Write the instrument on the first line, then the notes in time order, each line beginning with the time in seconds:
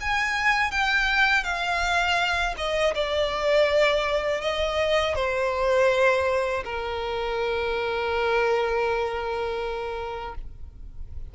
violin
0.00 G#5
0.71 G5
1.43 F5
2.57 D#5
2.94 D5
4.41 D#5
5.15 C5
6.64 A#4